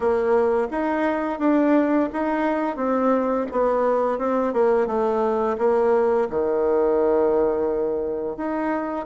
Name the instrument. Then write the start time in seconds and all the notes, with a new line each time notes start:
bassoon
0.00 A#3
0.70 D#4
1.39 D4
2.12 D#4
2.76 C4
3.51 B3
4.18 C4
4.53 A#3
4.86 A3
5.58 A#3
6.30 D#3
8.37 D#4